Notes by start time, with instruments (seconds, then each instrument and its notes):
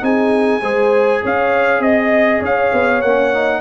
0.00 tuba C4, trombone D#4, horn G#4, trumpet G#5
0.61 tuba G#3, trombone G#4, horn C5
1.22 tuba C#4, horn C#5, trumpet F5
1.79 tuba C4, trumpet D#5, horn D#5
2.39 tuba C#4, horn C#5, trumpet F5
2.72 tuba B3
3.01 tuba A#3, trombone C#4, trumpet F#5
3.33 trombone D#4